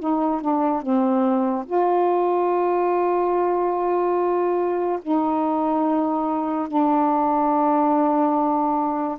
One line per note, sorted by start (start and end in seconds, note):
0.00 0.42 D#4
0.42 0.82 D4
0.82 1.66 C4
1.66 5.00 F4
5.03 6.69 D#4
6.69 9.19 D4